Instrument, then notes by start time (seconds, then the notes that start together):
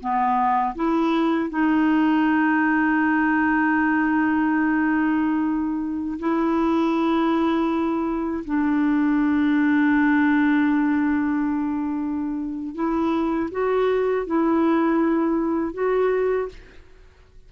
clarinet
0.00 B3
0.75 E4
1.50 D#4
6.19 E4
8.45 D4
12.75 E4
13.51 F#4
14.26 E4
15.74 F#4